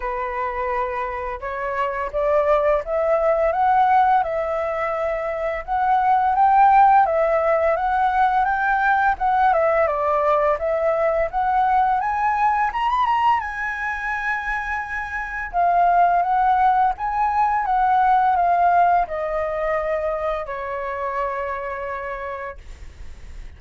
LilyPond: \new Staff \with { instrumentName = "flute" } { \time 4/4 \tempo 4 = 85 b'2 cis''4 d''4 | e''4 fis''4 e''2 | fis''4 g''4 e''4 fis''4 | g''4 fis''8 e''8 d''4 e''4 |
fis''4 gis''4 ais''16 b''16 ais''8 gis''4~ | gis''2 f''4 fis''4 | gis''4 fis''4 f''4 dis''4~ | dis''4 cis''2. | }